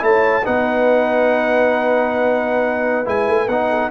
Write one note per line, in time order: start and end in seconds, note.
0.00 0.44 A3
0.00 0.42 E4
0.00 0.44 C#5
0.00 0.46 A5
0.44 3.07 B3
0.44 3.05 D#4
0.44 3.69 B4
0.44 3.08 F#5
3.05 3.28 G#3
3.05 3.47 E4
3.05 3.48 G#5
3.28 3.48 A3
3.48 3.90 B3
3.48 3.91 D#4
3.48 3.90 F#5
3.69 3.90 A4